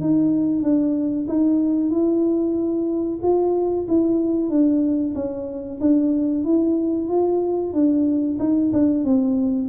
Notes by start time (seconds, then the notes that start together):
0.00 D#4
0.62 D4
1.28 D#4
1.90 E4
3.22 F4
3.88 E4
4.50 D4
5.15 C#4
5.80 D4
6.44 E4
7.09 F4
7.73 D4
8.39 D#4
8.72 D4
9.04 C4